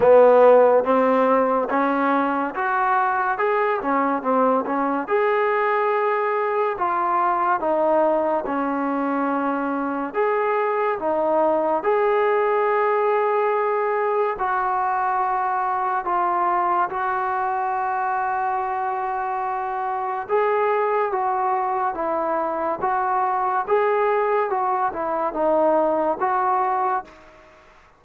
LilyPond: \new Staff \with { instrumentName = "trombone" } { \time 4/4 \tempo 4 = 71 b4 c'4 cis'4 fis'4 | gis'8 cis'8 c'8 cis'8 gis'2 | f'4 dis'4 cis'2 | gis'4 dis'4 gis'2~ |
gis'4 fis'2 f'4 | fis'1 | gis'4 fis'4 e'4 fis'4 | gis'4 fis'8 e'8 dis'4 fis'4 | }